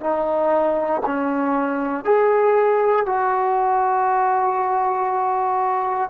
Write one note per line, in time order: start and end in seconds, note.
0.00 1.02 D#4
1.05 2.04 C#4
2.04 3.06 G#4
3.06 6.10 F#4